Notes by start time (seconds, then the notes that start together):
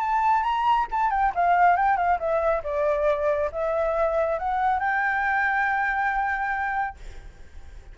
0.00 A5
0.43 A#5
0.91 A5
1.11 G5
1.35 F5
1.76 G5
1.97 F5
2.19 E5
2.64 D5
3.52 E5
4.39 F#5
4.79 G5